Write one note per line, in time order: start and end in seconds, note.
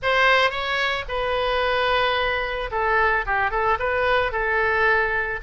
0.02 0.50 C5
0.50 1.04 C#5
1.08 2.70 B4
2.71 3.25 A4
3.26 3.50 G4
3.50 3.77 A4
3.79 4.31 B4
4.31 5.40 A4